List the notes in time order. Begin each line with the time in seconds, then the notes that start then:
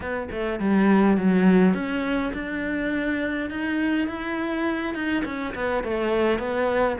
0.00 B3
0.30 A3
0.59 G3
1.17 F#3
1.73 C#4
2.33 D4
3.50 D#4
4.07 E4
4.94 D#4
5.24 C#4
5.54 B3
5.83 A3
6.38 B3